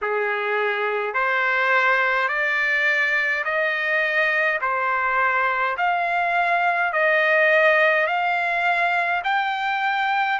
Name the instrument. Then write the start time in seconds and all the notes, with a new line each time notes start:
trumpet
0.01 G#4
1.14 C5
2.28 D5
3.44 D#5
4.61 C5
5.77 F5
6.92 D#5
8.06 F5
9.24 G5